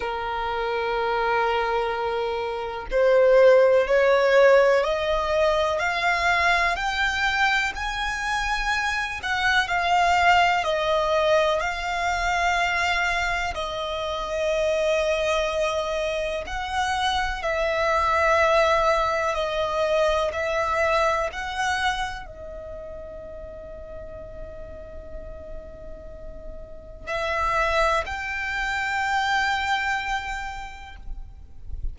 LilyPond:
\new Staff \with { instrumentName = "violin" } { \time 4/4 \tempo 4 = 62 ais'2. c''4 | cis''4 dis''4 f''4 g''4 | gis''4. fis''8 f''4 dis''4 | f''2 dis''2~ |
dis''4 fis''4 e''2 | dis''4 e''4 fis''4 dis''4~ | dis''1 | e''4 g''2. | }